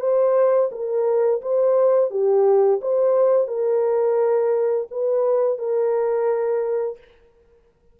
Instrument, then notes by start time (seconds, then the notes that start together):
horn
0.00 C5
0.72 A#4
1.42 C5
2.11 G4
2.82 C5
3.48 A#4
4.91 B4
5.59 A#4